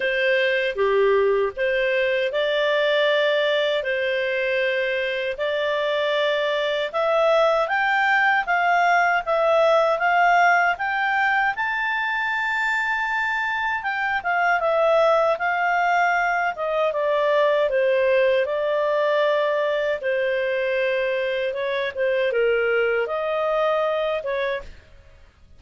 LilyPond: \new Staff \with { instrumentName = "clarinet" } { \time 4/4 \tempo 4 = 78 c''4 g'4 c''4 d''4~ | d''4 c''2 d''4~ | d''4 e''4 g''4 f''4 | e''4 f''4 g''4 a''4~ |
a''2 g''8 f''8 e''4 | f''4. dis''8 d''4 c''4 | d''2 c''2 | cis''8 c''8 ais'4 dis''4. cis''8 | }